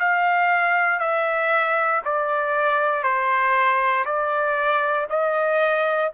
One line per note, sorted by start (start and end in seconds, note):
0.00 1.00 F5
1.00 2.02 E5
2.05 3.03 D5
3.03 4.05 C5
4.05 5.07 D5
5.10 6.12 D#5